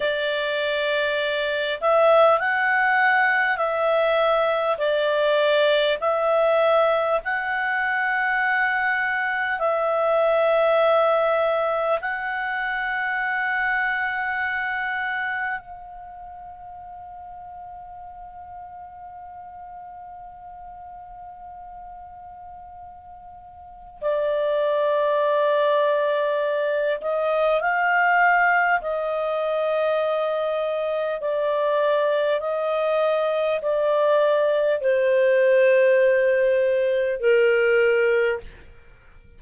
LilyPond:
\new Staff \with { instrumentName = "clarinet" } { \time 4/4 \tempo 4 = 50 d''4. e''8 fis''4 e''4 | d''4 e''4 fis''2 | e''2 fis''2~ | fis''4 f''2.~ |
f''1 | d''2~ d''8 dis''8 f''4 | dis''2 d''4 dis''4 | d''4 c''2 ais'4 | }